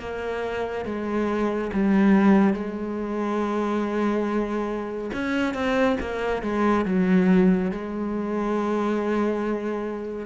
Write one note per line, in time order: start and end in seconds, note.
0.00 0.85 A#3
0.85 1.71 G#3
1.73 2.54 G3
2.54 5.11 G#3
5.14 5.54 C#4
5.54 5.97 C4
6.01 6.42 A#3
6.42 6.85 G#3
6.86 7.71 F#3
7.72 10.26 G#3